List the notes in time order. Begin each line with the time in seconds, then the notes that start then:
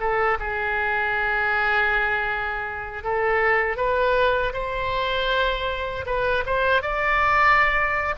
0.00 A4
0.40 G#4
3.03 A4
3.77 B4
4.53 C5
6.06 B4
6.46 C5
6.82 D5